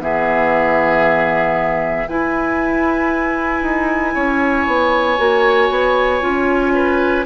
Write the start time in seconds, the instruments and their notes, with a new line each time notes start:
0.00 bassoon E3, clarinet B3, oboe G#4, flute E5
2.08 clarinet E4, bassoon E4, oboe B4, flute G#5
3.62 bassoon D#4
4.14 bassoon C#4, oboe C#5
4.67 bassoon B3
5.18 bassoon A#3, clarinet F#4
5.70 bassoon B3
6.21 bassoon C#4, clarinet F4
6.75 oboe B4